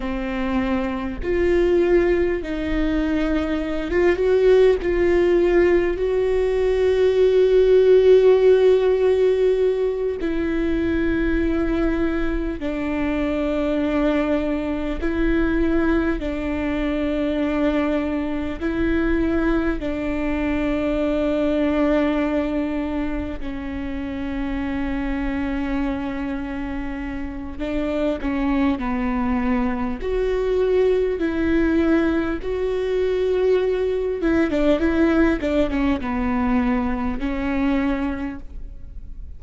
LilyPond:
\new Staff \with { instrumentName = "viola" } { \time 4/4 \tempo 4 = 50 c'4 f'4 dis'4~ dis'16 f'16 fis'8 | f'4 fis'2.~ | fis'8 e'2 d'4.~ | d'8 e'4 d'2 e'8~ |
e'8 d'2. cis'8~ | cis'2. d'8 cis'8 | b4 fis'4 e'4 fis'4~ | fis'8 e'16 d'16 e'8 d'16 cis'16 b4 cis'4 | }